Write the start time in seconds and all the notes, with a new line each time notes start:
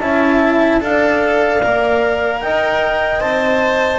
0.00 C#4 E4 E5 A5
0.80 D4 A4 D5 F5
1.63 A#3 A#4
2.41 D#4 D#5 G5
3.20 C4 C5 A5